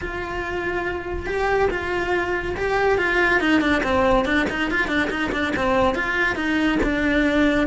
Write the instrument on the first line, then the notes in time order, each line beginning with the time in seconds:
cello
0.01 F4
1.26 G4
1.70 F4
2.56 G4
2.97 F4
3.40 D#4
3.60 D4
3.83 C4
4.25 D4
4.49 D#4
4.70 F4
4.87 D4
5.09 D#4
5.32 D4
5.56 C4
5.95 F4
6.35 D#4
6.83 D4